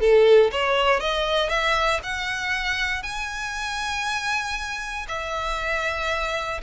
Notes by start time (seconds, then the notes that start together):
0.00 A4
0.52 C#5
1.00 D#5
1.49 E5
2.03 F#5
3.03 G#5
5.08 E5